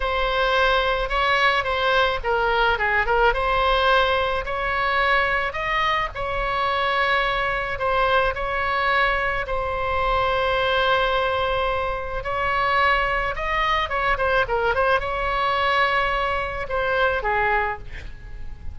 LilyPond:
\new Staff \with { instrumentName = "oboe" } { \time 4/4 \tempo 4 = 108 c''2 cis''4 c''4 | ais'4 gis'8 ais'8 c''2 | cis''2 dis''4 cis''4~ | cis''2 c''4 cis''4~ |
cis''4 c''2.~ | c''2 cis''2 | dis''4 cis''8 c''8 ais'8 c''8 cis''4~ | cis''2 c''4 gis'4 | }